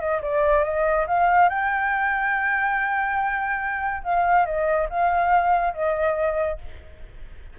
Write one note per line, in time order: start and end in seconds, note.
0.00 0.21 D#5
0.22 0.64 D5
0.64 1.06 D#5
1.07 1.50 F5
1.50 4.03 G5
4.04 4.46 F5
4.46 4.88 D#5
4.90 5.74 F5
5.74 6.59 D#5